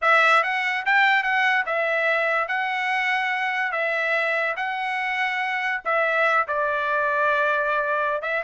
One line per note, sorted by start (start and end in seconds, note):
0.01 0.43 E5
0.43 0.84 F#5
0.85 1.23 G5
1.23 1.65 F#5
1.66 2.48 E5
2.48 3.72 F#5
3.72 4.55 E5
4.56 5.81 F#5
5.84 6.47 E5
6.47 8.22 D5
8.22 8.43 E5